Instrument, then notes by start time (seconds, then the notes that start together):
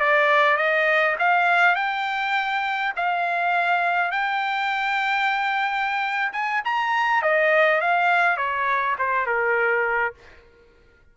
trumpet
0.00 D5
0.57 D#5
1.19 F5
1.75 G5
2.96 F5
4.11 G5
6.33 G#5
6.64 A#5
7.22 D#5
7.81 F5
8.37 C#5
8.99 C5
9.26 A#4